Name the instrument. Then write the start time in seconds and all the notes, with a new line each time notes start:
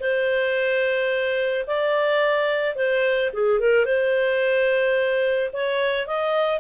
clarinet
0.00 C5
1.67 D5
2.75 C5
3.33 G#4
3.60 A#4
3.85 C5
5.53 C#5
6.07 D#5